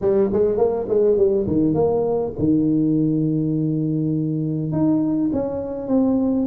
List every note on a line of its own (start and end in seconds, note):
0.01 0.30 G3
0.32 0.57 G#3
0.57 0.87 A#3
0.88 1.17 G#3
1.17 1.46 G3
1.47 1.74 D#3
1.74 2.32 A#3
2.38 4.72 D#3
4.72 5.30 D#4
5.32 5.87 C#4
5.87 6.46 C4